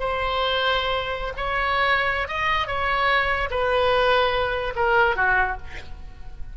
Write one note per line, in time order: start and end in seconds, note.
0.00 1.34 C5
1.37 2.28 C#5
2.28 2.67 D#5
2.67 3.50 C#5
3.51 4.74 B4
4.76 5.17 A#4
5.17 5.58 F#4